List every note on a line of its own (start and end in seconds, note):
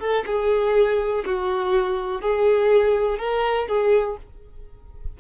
0.00 0.25 A4
0.26 1.25 G#4
1.25 2.22 F#4
2.22 3.19 G#4
3.19 3.68 A#4
3.68 4.17 G#4